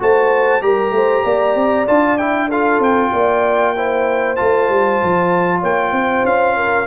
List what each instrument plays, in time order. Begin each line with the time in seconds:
0.00 tuba A3, trombone F#4, horn C5, trumpet A5
0.62 tuba G3, trombone G4, horn A#4, trumpet A#5
0.92 tuba A3, horn C5
1.24 tuba A#3, horn D5
1.55 tuba C4
1.87 tuba D4, trombone F4, trumpet A5
2.18 trombone E4, trumpet G5
2.49 trombone F4, horn A4, trumpet F5
2.79 tuba C4, trumpet G5
3.12 tuba A#3, horn D5
3.76 trombone E4, horn C5
4.36 tuba A3, trombone F4, trumpet A5
4.70 tuba G3
5.04 tuba F3
5.59 tuba A#3, horn C#5, trumpet G5
5.92 tuba C4, horn C5
6.24 tuba C#4, trumpet F5
6.56 horn A#4